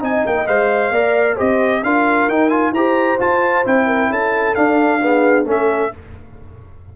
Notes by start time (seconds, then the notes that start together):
0.00 C4 D#4 D#5 G#5
0.27 A#3 G5
0.48 G#3 C5 F5
0.91 A#3 A#4 D5
1.36 C4 G4 C5 D#5
1.83 D4 F4 A#4 F5
2.29 D#4 G5
2.50 F4 G#5
2.72 E4 G4 C5 A#5
3.20 F4 A5
3.65 C4 E4 G5
3.87 A#4
4.10 C#4 A4 A5
4.55 D4 F5
5.03 B3 G#4
5.46 A3 C#4 A4 E5